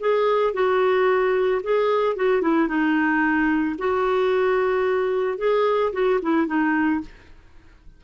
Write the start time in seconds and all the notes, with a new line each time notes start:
0.00 G#4
0.54 F#4
1.63 G#4
2.16 F#4
2.42 E4
2.68 D#4
3.78 F#4
5.38 G#4
5.93 F#4
6.22 E4
6.47 D#4